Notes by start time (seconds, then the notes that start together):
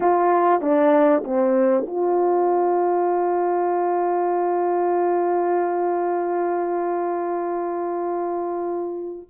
0.00 F4
0.61 D4
1.23 C4
1.86 F4